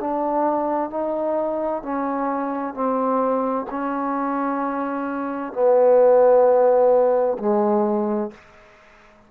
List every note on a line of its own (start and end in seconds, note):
0.00 0.90 D4
0.90 1.83 D#4
1.83 2.74 C#4
2.74 3.66 C4
3.70 5.53 C#4
5.53 7.37 B3
7.38 8.31 G#3